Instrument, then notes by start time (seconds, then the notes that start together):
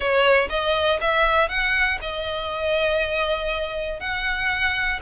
violin
0.00 C#5
0.49 D#5
1.00 E5
1.49 F#5
2.01 D#5
4.00 F#5